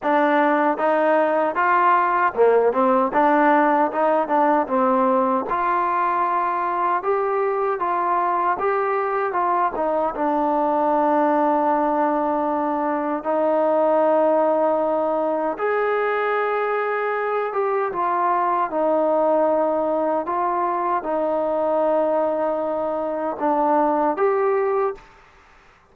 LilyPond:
\new Staff \with { instrumentName = "trombone" } { \time 4/4 \tempo 4 = 77 d'4 dis'4 f'4 ais8 c'8 | d'4 dis'8 d'8 c'4 f'4~ | f'4 g'4 f'4 g'4 | f'8 dis'8 d'2.~ |
d'4 dis'2. | gis'2~ gis'8 g'8 f'4 | dis'2 f'4 dis'4~ | dis'2 d'4 g'4 | }